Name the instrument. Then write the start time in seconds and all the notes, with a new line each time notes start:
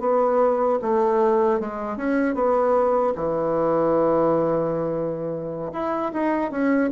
bassoon
0.00 B3
0.82 A3
1.60 G#3
1.97 C#4
2.35 B3
3.15 E3
5.73 E4
6.13 D#4
6.51 C#4